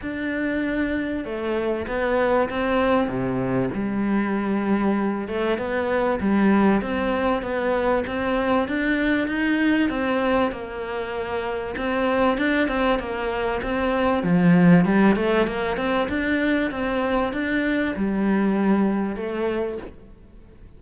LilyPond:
\new Staff \with { instrumentName = "cello" } { \time 4/4 \tempo 4 = 97 d'2 a4 b4 | c'4 c4 g2~ | g8 a8 b4 g4 c'4 | b4 c'4 d'4 dis'4 |
c'4 ais2 c'4 | d'8 c'8 ais4 c'4 f4 | g8 a8 ais8 c'8 d'4 c'4 | d'4 g2 a4 | }